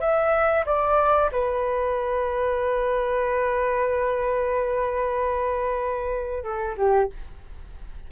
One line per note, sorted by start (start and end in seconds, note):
0.00 0.65 E5
0.66 1.30 D5
1.31 6.43 B4
6.43 6.76 A4
6.77 7.09 G4